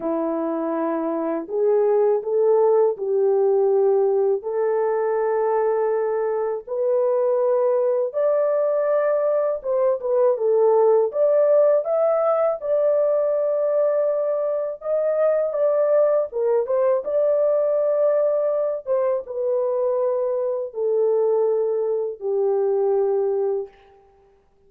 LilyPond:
\new Staff \with { instrumentName = "horn" } { \time 4/4 \tempo 4 = 81 e'2 gis'4 a'4 | g'2 a'2~ | a'4 b'2 d''4~ | d''4 c''8 b'8 a'4 d''4 |
e''4 d''2. | dis''4 d''4 ais'8 c''8 d''4~ | d''4. c''8 b'2 | a'2 g'2 | }